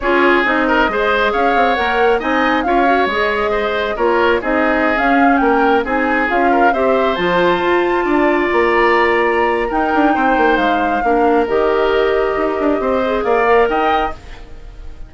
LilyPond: <<
  \new Staff \with { instrumentName = "flute" } { \time 4/4 \tempo 4 = 136 cis''4 dis''2 f''4 | fis''4 gis''4 f''4 dis''4~ | dis''4 cis''4 dis''4~ dis''16 f''8.~ | f''16 g''4 gis''4 f''4 e''8.~ |
e''16 a''2. ais''8.~ | ais''2 g''2 | f''2 dis''2~ | dis''2 f''4 g''4 | }
  \new Staff \with { instrumentName = "oboe" } { \time 4/4 gis'4. ais'8 c''4 cis''4~ | cis''4 dis''4 cis''2 | c''4 ais'4 gis'2~ | gis'16 ais'4 gis'4. ais'8 c''8.~ |
c''2~ c''16 d''4.~ d''16~ | d''2 ais'4 c''4~ | c''4 ais'2.~ | ais'4 c''4 d''4 dis''4 | }
  \new Staff \with { instrumentName = "clarinet" } { \time 4/4 f'4 dis'4 gis'2 | ais'4 dis'4 f'8 fis'8 gis'4~ | gis'4 f'4 dis'4~ dis'16 cis'8.~ | cis'4~ cis'16 dis'4 f'4 g'8.~ |
g'16 f'2.~ f'8.~ | f'2 dis'2~ | dis'4 d'4 g'2~ | g'4. gis'4 ais'4. | }
  \new Staff \with { instrumentName = "bassoon" } { \time 4/4 cis'4 c'4 gis4 cis'8 c'8 | ais4 c'4 cis'4 gis4~ | gis4 ais4 c'4~ c'16 cis'8.~ | cis'16 ais4 c'4 cis'4 c'8.~ |
c'16 f4 f'4 d'4 ais8.~ | ais2 dis'8 d'8 c'8 ais8 | gis4 ais4 dis2 | dis'8 d'8 c'4 ais4 dis'4 | }
>>